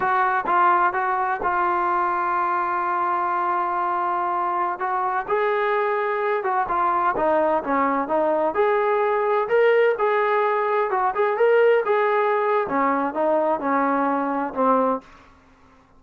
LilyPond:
\new Staff \with { instrumentName = "trombone" } { \time 4/4 \tempo 4 = 128 fis'4 f'4 fis'4 f'4~ | f'1~ | f'2~ f'16 fis'4 gis'8.~ | gis'4.~ gis'16 fis'8 f'4 dis'8.~ |
dis'16 cis'4 dis'4 gis'4.~ gis'16~ | gis'16 ais'4 gis'2 fis'8 gis'16~ | gis'16 ais'4 gis'4.~ gis'16 cis'4 | dis'4 cis'2 c'4 | }